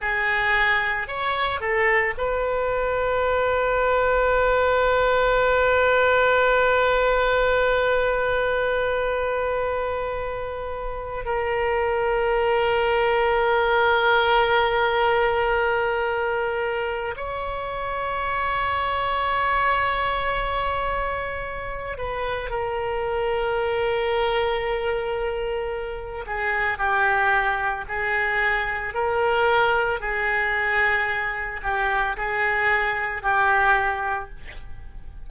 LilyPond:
\new Staff \with { instrumentName = "oboe" } { \time 4/4 \tempo 4 = 56 gis'4 cis''8 a'8 b'2~ | b'1~ | b'2~ b'8 ais'4.~ | ais'1 |
cis''1~ | cis''8 b'8 ais'2.~ | ais'8 gis'8 g'4 gis'4 ais'4 | gis'4. g'8 gis'4 g'4 | }